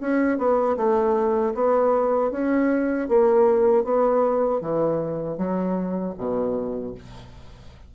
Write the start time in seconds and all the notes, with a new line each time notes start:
0.00 C#4
0.38 B3
0.76 A3
1.54 B3
2.31 C#4
3.08 A#3
3.84 B3
4.60 E3
5.37 F#3
6.17 B2